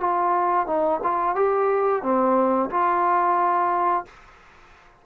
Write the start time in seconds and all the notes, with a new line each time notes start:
0.00 F4
0.66 D#4
1.03 F4
1.35 G4
2.02 C4
2.70 F4